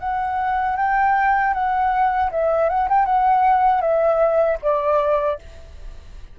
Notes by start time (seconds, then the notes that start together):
0.00 F#5
0.77 G5
1.54 F#5
2.32 E5
2.70 F#5
2.89 G5
3.06 F#5
3.82 E5
4.62 D5